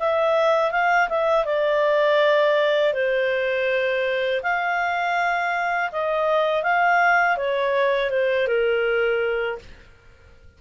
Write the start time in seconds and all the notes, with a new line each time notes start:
0.00 E5
0.72 F5
1.10 E5
1.45 D5
2.94 C5
4.43 F5
5.92 D#5
6.64 F5
7.38 C#5
8.11 C5
8.48 A#4